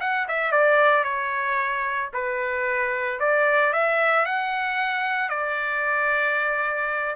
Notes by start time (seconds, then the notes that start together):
0.00 F#5
0.28 E5
0.51 D5
1.04 C#5
2.13 B4
3.20 D5
3.73 E5
4.25 F#5
5.29 D5